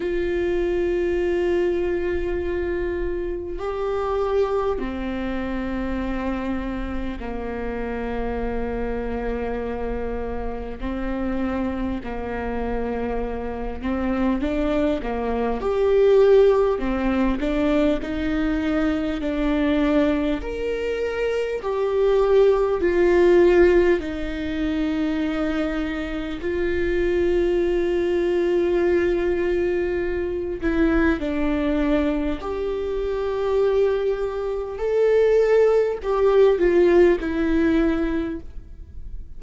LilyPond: \new Staff \with { instrumentName = "viola" } { \time 4/4 \tempo 4 = 50 f'2. g'4 | c'2 ais2~ | ais4 c'4 ais4. c'8 | d'8 ais8 g'4 c'8 d'8 dis'4 |
d'4 ais'4 g'4 f'4 | dis'2 f'2~ | f'4. e'8 d'4 g'4~ | g'4 a'4 g'8 f'8 e'4 | }